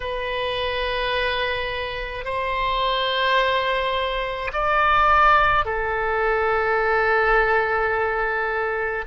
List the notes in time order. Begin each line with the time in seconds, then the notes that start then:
0.00 B4
2.24 C5
4.53 D5
5.65 A4